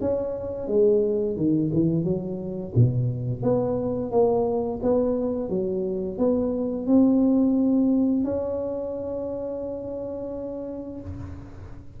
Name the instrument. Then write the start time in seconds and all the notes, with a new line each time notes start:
tuba
0.00 C#4
0.67 G#3
1.36 D#3
1.73 E3
2.04 F#3
2.75 B2
3.42 B3
4.11 A#3
4.82 B3
5.49 F#3
6.18 B3
6.86 C4
8.24 C#4